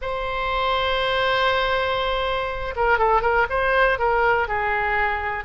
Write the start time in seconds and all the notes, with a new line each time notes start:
0.01 C5
2.75 A#4
2.98 A4
3.21 A#4
3.49 C5
3.98 A#4
4.48 G#4